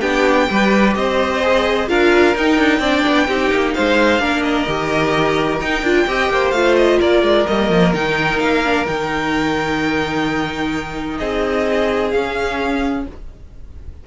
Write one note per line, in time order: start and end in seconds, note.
0.00 0.48 B3
0.00 0.48 D4
0.00 0.47 G4
0.00 0.94 G5
0.50 0.96 G3
0.50 1.42 G4
0.50 0.97 B4
0.95 1.89 C4
0.95 1.89 C5
0.95 1.88 D#5
1.42 1.88 G#4
1.88 2.35 D4
1.88 2.34 F4
1.88 2.80 A#4
1.88 2.35 F5
2.35 2.58 D#4
2.35 2.81 D#4
2.35 3.73 G5
2.58 2.79 D4
2.79 3.02 C4
2.79 3.27 D4
2.79 3.26 D5
3.07 3.28 B3
3.27 3.51 C4
3.27 4.19 D#4
3.27 3.74 G4
3.51 3.74 A#3
3.73 4.19 G#3
3.73 4.21 C5
3.73 4.42 F5
4.19 4.66 A#3
4.19 4.66 D4
4.19 6.07 A#4
4.42 5.59 D#5
4.67 5.60 D#3
4.67 5.61 G4
5.60 5.82 D#4
5.60 5.84 D#4
5.60 6.51 G5
5.82 6.05 D4
5.82 6.07 F4
6.07 6.29 C4
6.07 6.54 G4
6.07 6.32 D#5
6.29 6.51 A#3
6.29 6.99 C5
6.51 6.98 A3
6.51 7.47 F4
6.51 6.74 F5
6.76 7.00 D#5
6.99 7.22 A#3
6.99 11.17 A#4
6.99 7.47 D5
7.22 7.46 G#3
7.47 7.69 G3
7.47 7.94 A#3
7.47 7.93 D#5
7.69 7.93 F3
7.94 8.40 D#3
7.94 8.64 D#4
7.94 8.40 G5
8.40 8.86 A#3
8.40 8.86 F5
8.64 8.86 D4
8.86 11.20 D#3
8.86 12.11 D#4
8.86 11.18 G5
11.18 12.13 C4
11.18 13.04 G#4
11.18 12.11 D#5
12.11 13.05 C#4
12.11 13.07 C#4
12.11 13.04 F5